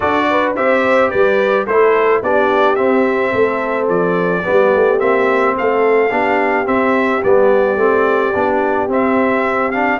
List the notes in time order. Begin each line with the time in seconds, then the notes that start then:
0.00 D4 F#4 A4 D5
0.30 B4
0.56 C4 G4 C5 E5
1.09 G3 B4 D5
1.66 A3 E4 A4 C5
2.22 B3 D4 G4 D5
2.75 C4 E5
3.31 A3 A4
3.88 F3 D5
4.43 G3 B3 G4
4.74 A3
4.98 A#3 C4 E5
5.56 A3 A4 F5
6.10 B3 D4 G4
6.65 C4 E5
7.23 G3 B3 D5
7.76 A3 C4
8.34 B3 D4
8.88 C4 E5
9.71 D4 F5